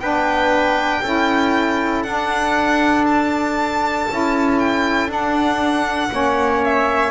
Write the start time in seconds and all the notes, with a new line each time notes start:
0.00 B3 D4 B4 G5
1.03 C#4 E4 A4
2.03 D4 F#5
3.07 A5
4.10 C#4 E4
4.59 G5
5.08 D4 F#5
6.10 A#3 C#4 C#5
6.64 E5